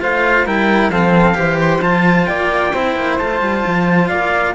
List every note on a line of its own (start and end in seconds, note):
0.00 0.46 A3
0.00 0.45 F4
0.00 0.46 C5
0.00 0.47 F5
0.46 0.89 G3
0.46 0.92 E4
0.46 0.91 A#4
0.46 0.90 G5
0.89 1.35 F3
0.89 1.34 C4
0.89 1.37 A4
0.89 1.59 F5
1.34 1.81 E3
1.34 1.80 G4
1.34 2.29 C5
1.60 1.82 C6
1.81 2.26 F3
1.81 2.72 F4
1.81 2.26 A5
2.26 2.74 A#3
2.26 2.74 D5
2.26 3.17 G5
2.74 2.96 C4
2.74 3.21 E4
2.74 4.08 C5
2.96 3.18 A#3
3.18 3.41 A3
3.18 4.54 F4
3.18 4.08 A5
3.41 3.63 G3
3.66 4.11 F3
4.08 4.54 A#3
4.08 4.54 D5
4.08 4.53 F5